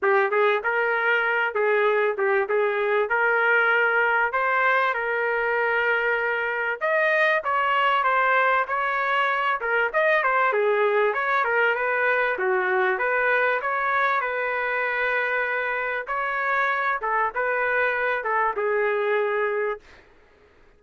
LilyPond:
\new Staff \with { instrumentName = "trumpet" } { \time 4/4 \tempo 4 = 97 g'8 gis'8 ais'4. gis'4 g'8 | gis'4 ais'2 c''4 | ais'2. dis''4 | cis''4 c''4 cis''4. ais'8 |
dis''8 c''8 gis'4 cis''8 ais'8 b'4 | fis'4 b'4 cis''4 b'4~ | b'2 cis''4. a'8 | b'4. a'8 gis'2 | }